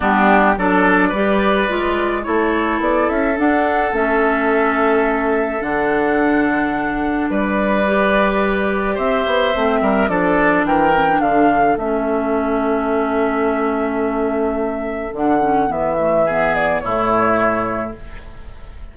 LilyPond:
<<
  \new Staff \with { instrumentName = "flute" } { \time 4/4 \tempo 4 = 107 g'4 d''2. | cis''4 d''8 e''8 fis''4 e''4~ | e''2 fis''2~ | fis''4 d''2. |
e''2 d''4 g''4 | f''4 e''2.~ | e''2. fis''4 | e''4. d''8 cis''2 | }
  \new Staff \with { instrumentName = "oboe" } { \time 4/4 d'4 a'4 b'2 | a'1~ | a'1~ | a'4 b'2. |
c''4. ais'8 a'4 ais'4 | a'1~ | a'1~ | a'4 gis'4 e'2 | }
  \new Staff \with { instrumentName = "clarinet" } { \time 4/4 b4 d'4 g'4 f'4 | e'2 d'4 cis'4~ | cis'2 d'2~ | d'2 g'2~ |
g'4 c'4 d'4. cis'16 d'16~ | d'4 cis'2.~ | cis'2. d'8 cis'8 | b8 a8 b4 a2 | }
  \new Staff \with { instrumentName = "bassoon" } { \time 4/4 g4 fis4 g4 gis4 | a4 b8 cis'8 d'4 a4~ | a2 d2~ | d4 g2. |
c'8 b8 a8 g8 f4 e4 | d4 a2.~ | a2. d4 | e2 a,2 | }
>>